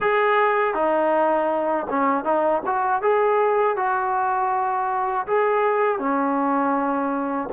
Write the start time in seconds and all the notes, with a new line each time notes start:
0.00 G#4
0.74 D#4
1.89 C#4
2.24 D#4
2.66 F#4
3.01 G#4
3.76 F#4
5.26 G#4
5.99 C#4